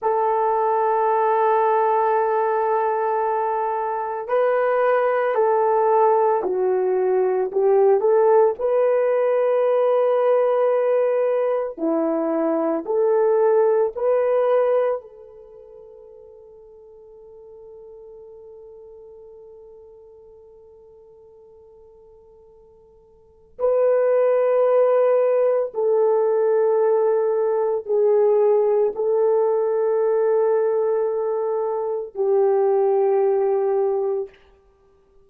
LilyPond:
\new Staff \with { instrumentName = "horn" } { \time 4/4 \tempo 4 = 56 a'1 | b'4 a'4 fis'4 g'8 a'8 | b'2. e'4 | a'4 b'4 a'2~ |
a'1~ | a'2 b'2 | a'2 gis'4 a'4~ | a'2 g'2 | }